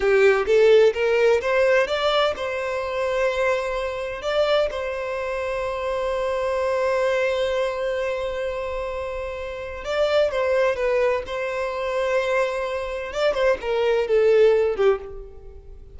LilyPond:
\new Staff \with { instrumentName = "violin" } { \time 4/4 \tempo 4 = 128 g'4 a'4 ais'4 c''4 | d''4 c''2.~ | c''4 d''4 c''2~ | c''1~ |
c''1~ | c''4 d''4 c''4 b'4 | c''1 | d''8 c''8 ais'4 a'4. g'8 | }